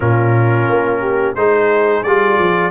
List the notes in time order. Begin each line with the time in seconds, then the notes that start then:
0.00 A#2 C#4 F4 A#4
0.68 A#3
1.00 G4
1.35 G#3 D#4 G#4 C5
2.03 G3 F4 D5
2.38 F3